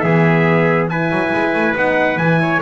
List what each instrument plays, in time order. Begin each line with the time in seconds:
0.00 double bass E3, trumpet G#4 E5
0.07 horn B3
0.89 horn E4, trumpet B4 G#5
1.11 double bass F#3
1.33 double bass G#3
1.53 double bass A3
1.75 double bass B3, horn D#4, trumpet F#5
2.17 double bass E3, horn E4, trumpet G#5
2.41 trumpet C#5